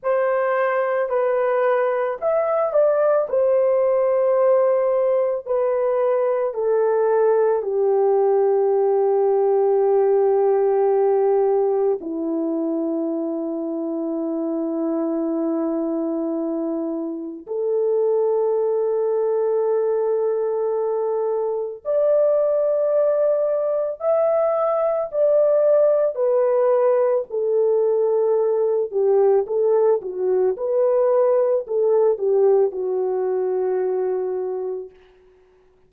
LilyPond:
\new Staff \with { instrumentName = "horn" } { \time 4/4 \tempo 4 = 55 c''4 b'4 e''8 d''8 c''4~ | c''4 b'4 a'4 g'4~ | g'2. e'4~ | e'1 |
a'1 | d''2 e''4 d''4 | b'4 a'4. g'8 a'8 fis'8 | b'4 a'8 g'8 fis'2 | }